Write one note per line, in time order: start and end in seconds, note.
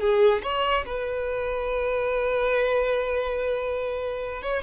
0.00 0.42 G#4
0.43 0.85 C#5
0.86 4.42 B4
4.42 4.62 C#5